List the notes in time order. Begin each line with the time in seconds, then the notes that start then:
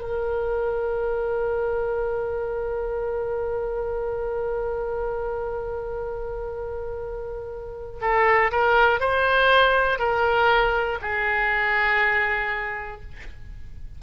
0.00 A#4
8.01 A4
8.51 A#4
9.00 C5
9.99 A#4
11.01 G#4